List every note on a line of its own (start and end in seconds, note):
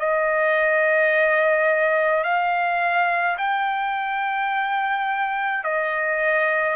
0.00 2.24 D#5
2.24 3.38 F5
3.38 5.64 G5
5.64 6.77 D#5